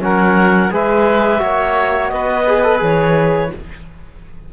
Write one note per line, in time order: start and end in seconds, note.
0.00 0.70 F#3
0.00 0.71 C#4
0.00 0.74 A#4
0.00 0.73 F#5
0.71 1.41 G#3
0.71 1.39 G#4
0.71 1.42 B4
0.71 2.09 E5
1.39 2.12 A#3
1.39 2.43 F#4
1.39 2.12 C#5
2.09 2.81 B3
2.09 3.53 B4
2.09 2.79 D#5
2.48 2.63 G#4
2.63 2.79 A4
2.79 3.51 E3
2.79 3.49 G#4
2.79 3.53 C#5